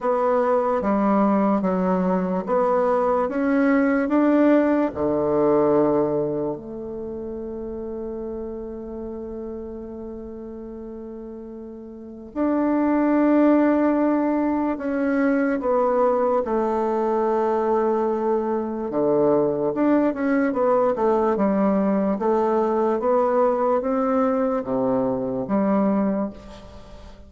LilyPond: \new Staff \with { instrumentName = "bassoon" } { \time 4/4 \tempo 4 = 73 b4 g4 fis4 b4 | cis'4 d'4 d2 | a1~ | a2. d'4~ |
d'2 cis'4 b4 | a2. d4 | d'8 cis'8 b8 a8 g4 a4 | b4 c'4 c4 g4 | }